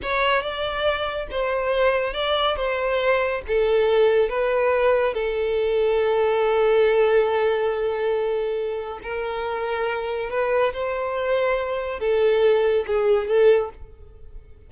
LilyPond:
\new Staff \with { instrumentName = "violin" } { \time 4/4 \tempo 4 = 140 cis''4 d''2 c''4~ | c''4 d''4 c''2 | a'2 b'2 | a'1~ |
a'1~ | a'4 ais'2. | b'4 c''2. | a'2 gis'4 a'4 | }